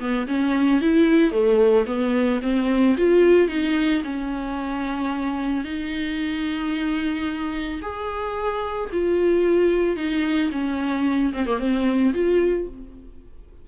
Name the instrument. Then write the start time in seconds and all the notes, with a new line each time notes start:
viola
0.00 B3
0.27 C#4
0.81 E4
1.32 A3
1.86 B3
2.42 C4
2.98 F4
3.48 D#4
4.04 C#4
5.65 D#4
7.82 G#4
8.93 F4
9.97 D#4
10.52 C#4
11.33 C4
11.47 A#3
11.59 C4
12.14 F4